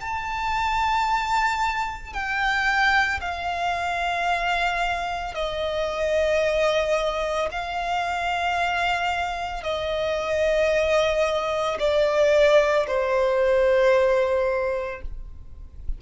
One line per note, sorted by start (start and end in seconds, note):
0.00 2.13 A5
2.13 3.20 G5
3.20 5.34 F5
5.34 7.49 D#5
7.51 9.63 F5
9.63 11.77 D#5
11.79 12.86 D5
12.87 15.01 C5